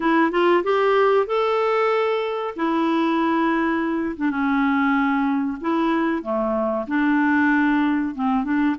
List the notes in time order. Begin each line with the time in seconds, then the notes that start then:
0.00 E4
0.31 F4
0.63 G4
1.26 A4
2.55 E4
4.16 D4
4.30 C#4
5.60 E4
6.22 A3
6.87 D4
8.14 C4
8.44 D4